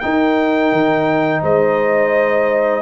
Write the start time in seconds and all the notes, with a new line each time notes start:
0.00 D#4 A#4 G5
0.72 D#3
1.42 G#3 C5 D#5